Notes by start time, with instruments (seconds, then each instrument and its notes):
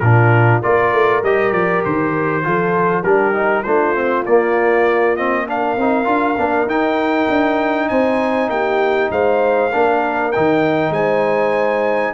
0.00 tuba A#2, trombone D4, horn F4, trumpet A#4
0.62 tuba A#3, trombone F4, horn A#4, trumpet D5
0.93 tuba A3
1.23 tuba G3, trombone G4, trumpet D#5
1.52 tuba F3, trumpet D5
1.85 tuba D#3, trumpet C5
2.43 tuba F3, trombone F4, horn A4
3.03 tuba G3, trombone D4, horn G4, trumpet A#4
3.34 trombone D#4
3.63 tuba A3, trombone D4, horn F4, trumpet C5
3.95 trombone C4
4.26 tuba A#3, trombone A#3, trumpet D5
5.17 trombone C4, trumpet D#5
5.47 trombone D4, horn A#4, trumpet F5
5.77 tuba C4, trombone D#4
6.05 tuba D4, trombone F4
6.38 tuba A#3, trombone D4
6.66 tuba D#4, trombone D#4, trumpet G5
7.29 tuba D4
7.89 tuba C4, horn C5, trumpet G#5
8.49 tuba A#3, horn G4, trumpet G5
9.11 tuba G#3, horn C5, trumpet F5
9.72 tuba A#3, trombone D4, horn A#4
10.32 tuba D#3, trombone D#4, trumpet G5
10.90 tuba G#3, horn C5, trumpet G#5